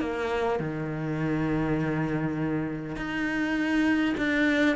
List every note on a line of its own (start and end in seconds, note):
0.00 0.59 A#3
0.59 2.96 D#3
2.96 4.15 D#4
4.17 4.76 D4